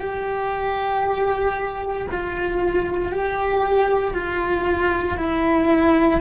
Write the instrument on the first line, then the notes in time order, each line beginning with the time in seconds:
cello
0.00 G4
2.11 F4
3.12 G4
4.14 F4
5.17 E4